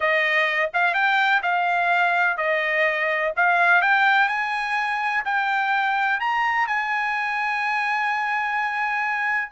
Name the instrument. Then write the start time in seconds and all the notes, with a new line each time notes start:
trumpet
0.00 D#5
0.73 F5
0.94 G5
1.42 F5
2.37 D#5
3.36 F5
3.81 G5
4.28 G#5
5.24 G5
6.19 A#5
6.67 G#5